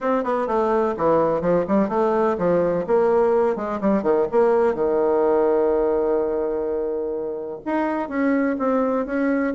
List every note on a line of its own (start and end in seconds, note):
0.00 0.24 C4
0.24 0.47 B3
0.47 0.94 A3
0.97 1.41 E3
1.41 1.65 F3
1.67 1.89 G3
1.89 2.36 A3
2.38 2.85 F3
2.86 3.56 A#3
3.56 3.79 G#3
3.81 4.02 G3
4.02 4.26 D#3
4.31 4.74 A#3
4.74 7.60 D#3
7.65 8.08 D#4
8.08 8.56 C#4
8.58 9.05 C4
9.05 9.53 C#4